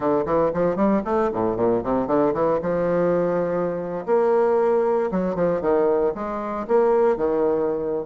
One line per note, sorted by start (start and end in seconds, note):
0.00 0.24 D3
0.25 0.51 E3
0.53 0.76 F3
0.76 1.02 G3
1.04 1.30 A3
1.33 1.56 A2
1.56 1.82 A#2
1.83 2.07 C3
2.07 2.33 D3
2.33 2.59 E3
2.62 4.05 F3
4.06 5.10 A#3
5.11 5.35 F#3
5.35 5.61 F3
5.61 6.13 D#3
6.14 6.66 G#3
6.67 7.16 A#3
7.16 8.06 D#3